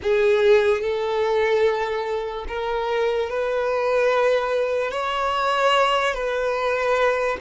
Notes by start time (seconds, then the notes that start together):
0.02 G#4
0.81 A4
2.48 A#4
3.29 B4
4.91 C#5
6.14 B4